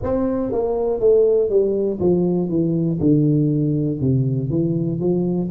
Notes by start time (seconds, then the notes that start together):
0.02 C4
0.52 A#3
1.00 A3
1.49 G3
2.00 F3
2.49 E3
3.00 D3
4.00 C3
4.50 E3
5.00 F3